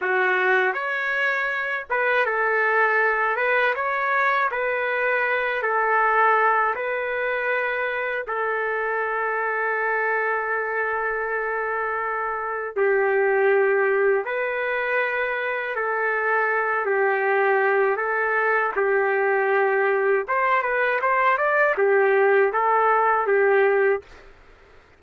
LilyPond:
\new Staff \with { instrumentName = "trumpet" } { \time 4/4 \tempo 4 = 80 fis'4 cis''4. b'8 a'4~ | a'8 b'8 cis''4 b'4. a'8~ | a'4 b'2 a'4~ | a'1~ |
a'4 g'2 b'4~ | b'4 a'4. g'4. | a'4 g'2 c''8 b'8 | c''8 d''8 g'4 a'4 g'4 | }